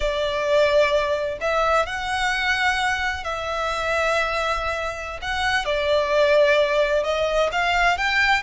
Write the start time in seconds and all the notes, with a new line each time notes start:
0.00 D5
1.41 E5
1.86 F#5
3.23 E5
5.21 F#5
5.65 D5
7.03 D#5
7.51 F5
7.97 G5